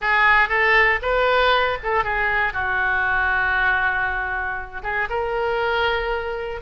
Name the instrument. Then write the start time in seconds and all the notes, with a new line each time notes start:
oboe
0.01 G#4
0.48 A4
1.02 B4
1.83 A4
2.04 G#4
2.53 F#4
4.83 G#4
5.09 A#4